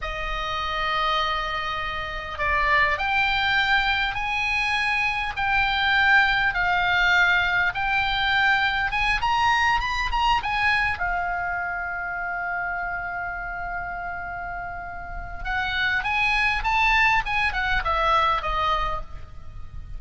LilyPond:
\new Staff \with { instrumentName = "oboe" } { \time 4/4 \tempo 4 = 101 dis''1 | d''4 g''2 gis''4~ | gis''4 g''2 f''4~ | f''4 g''2 gis''8 ais''8~ |
ais''8 b''8 ais''8 gis''4 f''4.~ | f''1~ | f''2 fis''4 gis''4 | a''4 gis''8 fis''8 e''4 dis''4 | }